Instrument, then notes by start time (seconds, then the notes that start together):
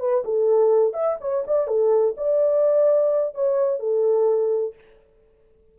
horn
0.00 B4
0.25 A4
0.94 E5
1.21 C#5
1.47 D5
1.68 A4
2.18 D5
3.35 C#5
3.80 A4